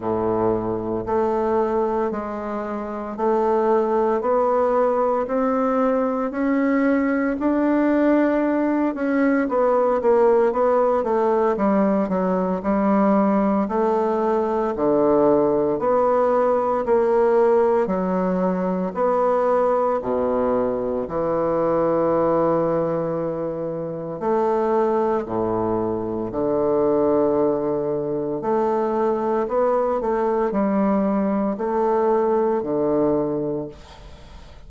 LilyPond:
\new Staff \with { instrumentName = "bassoon" } { \time 4/4 \tempo 4 = 57 a,4 a4 gis4 a4 | b4 c'4 cis'4 d'4~ | d'8 cis'8 b8 ais8 b8 a8 g8 fis8 | g4 a4 d4 b4 |
ais4 fis4 b4 b,4 | e2. a4 | a,4 d2 a4 | b8 a8 g4 a4 d4 | }